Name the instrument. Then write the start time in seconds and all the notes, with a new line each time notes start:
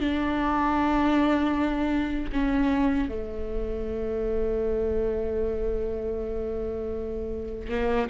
viola
0.00 D4
2.32 C#4
3.09 A3
7.70 A#3